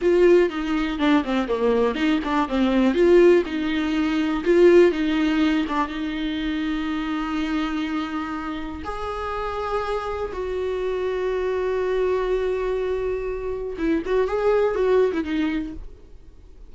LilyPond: \new Staff \with { instrumentName = "viola" } { \time 4/4 \tempo 4 = 122 f'4 dis'4 d'8 c'8 ais4 | dis'8 d'8 c'4 f'4 dis'4~ | dis'4 f'4 dis'4. d'8 | dis'1~ |
dis'2 gis'2~ | gis'4 fis'2.~ | fis'1 | e'8 fis'8 gis'4 fis'8. e'16 dis'4 | }